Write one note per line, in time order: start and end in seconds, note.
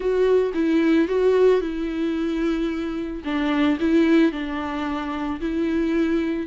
0.00 0.52 F#4
0.54 1.08 E4
1.08 1.61 F#4
1.61 3.23 E4
3.24 3.78 D4
3.80 4.31 E4
4.31 5.40 D4
5.40 6.46 E4